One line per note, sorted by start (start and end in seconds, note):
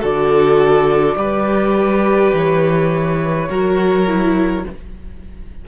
0.00 1.16 D3
0.00 1.17 F#4
0.00 1.15 A4
0.00 2.35 D5
1.16 2.31 G3
1.16 3.47 G4
1.16 3.49 B4
2.34 3.49 E3
2.34 4.68 C#5
3.50 4.65 F#3
3.50 4.07 F#4
3.50 4.65 A#4
4.07 4.65 E4